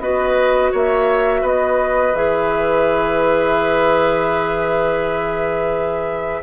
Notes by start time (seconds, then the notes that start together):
0.00 B3 F#4 B4 D#5
0.72 A#3 C#5 E5
1.41 B3 B4 D#5
2.14 E3 G#4 E5